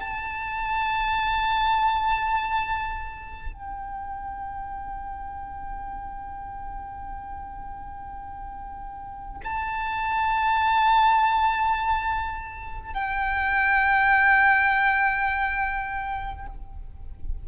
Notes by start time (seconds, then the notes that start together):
0.00 A5
3.53 G5
9.44 A5
12.94 G5